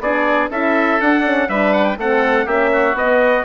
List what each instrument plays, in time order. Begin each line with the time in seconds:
0.00 bassoon B3, horn D4, oboe G#4, trumpet D5
0.50 bassoon C#4, horn E4, oboe A4, trumpet E5
1.01 bassoon D4, horn D4, trumpet F#5
1.25 horn C#4
1.49 bassoon G3, horn D4, oboe B4, trumpet E5
1.73 trumpet F#5
1.85 trumpet G5
1.97 bassoon A3, horn C4, oboe A4, trumpet F#5
2.45 bassoon A#3, horn C#4, oboe G4, trumpet E5
2.73 oboe F#4
2.94 bassoon B3, trumpet D#5
3.00 horn B3